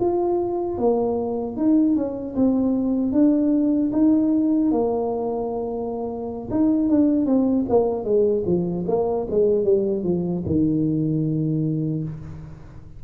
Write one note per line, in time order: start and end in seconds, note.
0.00 0.78 F4
0.78 1.57 A#3
1.57 1.96 D#4
1.96 2.35 C#4
2.36 3.13 C4
3.13 3.92 D4
3.93 4.72 D#4
4.72 6.50 A#3
6.51 6.89 D#4
6.89 7.26 D4
7.26 7.66 C4
7.69 8.05 A#3
8.05 8.44 G#3
8.46 8.86 F3
8.88 9.28 A#3
9.31 9.65 G#3
9.65 10.04 G3
10.04 10.43 F3
10.46 12.04 D#3